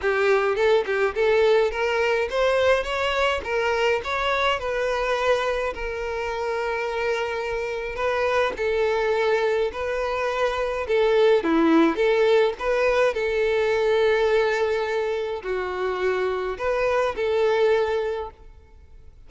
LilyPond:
\new Staff \with { instrumentName = "violin" } { \time 4/4 \tempo 4 = 105 g'4 a'8 g'8 a'4 ais'4 | c''4 cis''4 ais'4 cis''4 | b'2 ais'2~ | ais'2 b'4 a'4~ |
a'4 b'2 a'4 | e'4 a'4 b'4 a'4~ | a'2. fis'4~ | fis'4 b'4 a'2 | }